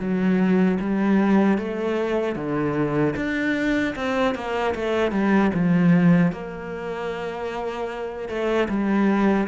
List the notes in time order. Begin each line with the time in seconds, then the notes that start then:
0.00 F#3
0.80 G3
1.59 A3
2.36 D3
3.17 D4
3.96 C4
4.35 A#3
4.75 A3
5.12 G3
5.54 F3
6.33 A#3
8.29 A3
8.69 G3